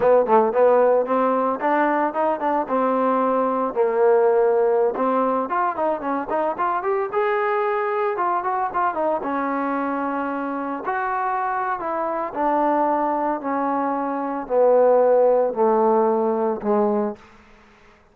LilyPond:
\new Staff \with { instrumentName = "trombone" } { \time 4/4 \tempo 4 = 112 b8 a8 b4 c'4 d'4 | dis'8 d'8 c'2 ais4~ | ais4~ ais16 c'4 f'8 dis'8 cis'8 dis'16~ | dis'16 f'8 g'8 gis'2 f'8 fis'16~ |
fis'16 f'8 dis'8 cis'2~ cis'8.~ | cis'16 fis'4.~ fis'16 e'4 d'4~ | d'4 cis'2 b4~ | b4 a2 gis4 | }